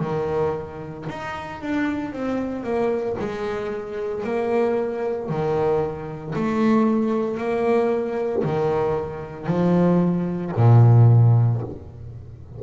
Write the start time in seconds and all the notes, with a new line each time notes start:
0.00 D#3
1.10 D#4
1.62 D4
2.13 C4
2.64 A#3
3.19 G#3
4.24 A#3
5.29 D#3
6.36 A3
7.38 A#3
8.44 D#3
9.47 F3
10.57 A#2